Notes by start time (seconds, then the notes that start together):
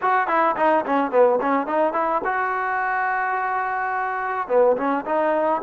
0.01 F#4
0.27 E4
0.56 D#4
0.85 C#4
1.11 B3
1.41 C#4
1.66 D#4
1.93 E4
2.24 F#4
4.48 B3
4.76 C#4
5.05 D#4